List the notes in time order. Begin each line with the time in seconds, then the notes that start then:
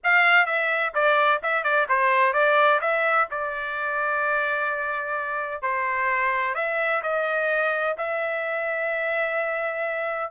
0.03 F5
0.46 E5
0.94 D5
1.42 E5
1.63 D5
1.89 C5
2.33 D5
2.80 E5
3.30 D5
5.62 C5
6.55 E5
7.02 D#5
7.97 E5